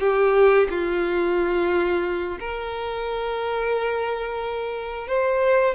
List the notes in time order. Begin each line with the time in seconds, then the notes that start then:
0.00 G4
0.70 F4
2.40 A#4
5.07 C5